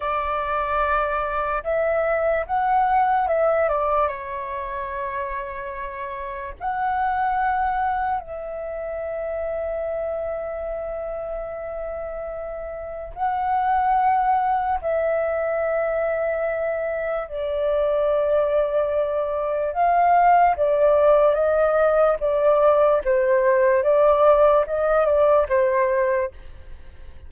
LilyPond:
\new Staff \with { instrumentName = "flute" } { \time 4/4 \tempo 4 = 73 d''2 e''4 fis''4 | e''8 d''8 cis''2. | fis''2 e''2~ | e''1 |
fis''2 e''2~ | e''4 d''2. | f''4 d''4 dis''4 d''4 | c''4 d''4 dis''8 d''8 c''4 | }